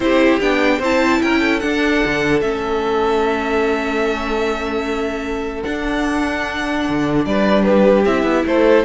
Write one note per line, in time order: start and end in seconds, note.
0.00 0.39 C4
0.00 0.40 E4
0.00 0.78 G4
0.00 0.40 C5
0.40 0.79 B3
0.40 0.81 D4
0.40 0.81 G5
0.78 1.19 C4
0.78 1.61 E4
0.78 1.18 C5
0.78 1.22 A5
1.22 1.62 C#4
1.22 1.39 A#4
1.22 1.59 G5
1.39 7.23 A4
1.59 2.42 D4
1.59 2.03 D4
1.59 2.40 F#5
2.05 2.41 D3
2.40 5.63 A3
2.40 5.63 C#4
2.40 5.62 E5
5.63 8.05 D4
5.63 6.87 D4
5.63 7.25 F#5
6.88 7.25 D3
7.25 8.05 G3
7.25 7.64 B4
7.25 7.63 D5
7.63 8.45 G4
7.63 8.03 B4
8.05 8.23 C4
8.05 8.84 E4
8.05 8.45 E5
8.23 8.43 B3
8.46 8.84 A3
8.46 8.84 A4
8.46 8.84 C5